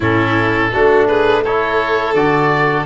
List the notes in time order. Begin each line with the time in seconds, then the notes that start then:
0.00 A2 C#4 E4 A4
0.72 A3 D4 F#4
1.07 G#4 B4
1.43 E4 A4 C#5
2.13 D3 F#4 D5